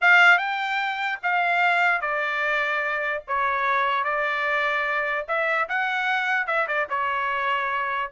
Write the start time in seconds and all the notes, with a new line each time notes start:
0.01 F5
0.38 G5
1.22 F5
2.01 D5
3.27 C#5
4.04 D5
5.27 E5
5.68 F#5
6.46 E5
6.67 D5
6.89 C#5